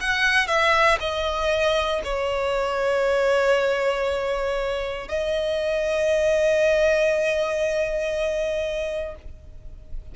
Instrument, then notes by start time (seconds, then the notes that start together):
violin
0.00 F#5
0.47 E5
1.00 D#5
2.04 C#5
5.08 D#5